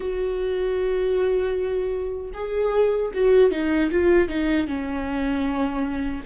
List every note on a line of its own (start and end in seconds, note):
0.00 2.31 F#4
2.33 3.11 G#4
3.14 3.51 F#4
3.51 3.90 D#4
3.91 4.28 F4
4.28 4.67 D#4
4.67 6.23 C#4